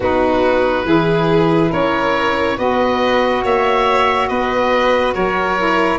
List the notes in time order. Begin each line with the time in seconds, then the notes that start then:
0.00 B3 D#4 F#4 B4
0.85 E3 E4 G#4
1.71 C#4 A#4 C#5
2.57 B3 F#4 B4 D#5
3.43 A#3 C#5 E5
4.27 B3 B4 D#5
5.14 F#3 A#4 C#5
5.57 E4